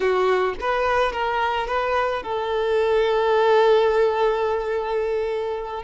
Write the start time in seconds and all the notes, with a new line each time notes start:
0.00 F#4
0.60 B4
1.12 A#4
1.67 B4
2.22 A4